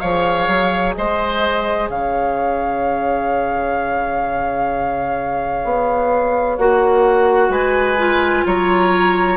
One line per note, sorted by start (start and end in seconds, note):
0.00 0.48 F3
0.00 6.58 G#4
0.00 0.95 C#5
0.00 0.94 F5
0.48 0.95 F#3
0.95 1.89 G#3
0.95 1.90 C5
0.95 1.89 D#5
1.89 5.64 C#3
1.89 7.51 C#5
1.89 6.58 F5
5.64 6.58 B3
6.58 7.49 A#3
6.58 7.98 F#4
6.58 7.52 F#5
7.49 8.43 G#3
7.49 8.45 B4
7.49 8.46 G#5
7.98 9.37 F4
8.46 9.37 F#3
8.46 9.37 C#5
8.46 9.37 A#5